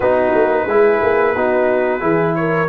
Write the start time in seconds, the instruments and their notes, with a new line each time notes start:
0.00 tuba B3, trombone D#4, horn F#4, trumpet B4
0.35 tuba A#3
0.66 tuba G#3, trombone E4, horn G#4
1.02 tuba A#3
1.35 tuba B3, trombone D#4, horn F#4
2.00 tuba E3, trombone E4, horn G#4
2.35 horn A#4, trumpet C#5